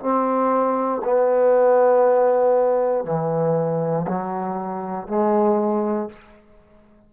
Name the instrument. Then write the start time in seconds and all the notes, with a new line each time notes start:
trombone
0.00 C4
1.04 B3
3.05 E3
4.08 F#3
5.08 G#3